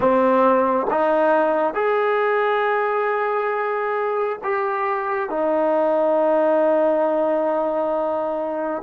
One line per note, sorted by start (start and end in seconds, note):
0.00 0.86 C4
0.90 1.74 D#4
1.74 4.38 G#4
4.43 5.29 G4
5.29 8.82 D#4